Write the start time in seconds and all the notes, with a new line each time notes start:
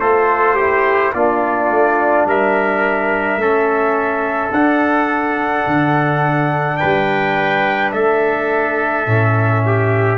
0.00 A3 F4 A4 C5
0.55 E4 G4
1.14 A#3 D4 F4 D5
1.70 A3
2.25 G3 A#4 E5
3.37 A3 C#4 A4
4.51 D4 F#5
5.67 D3
6.77 B4 G5
6.83 G3
7.92 A3 A4 E5
9.07 A2 C#4
9.66 G4